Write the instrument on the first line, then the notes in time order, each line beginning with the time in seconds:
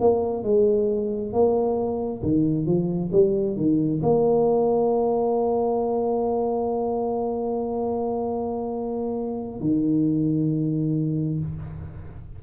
tuba
0.00 A#3
0.43 G#3
1.33 A#3
2.23 D#3
2.66 F3
3.12 G3
3.57 D#3
4.03 A#3
9.60 D#3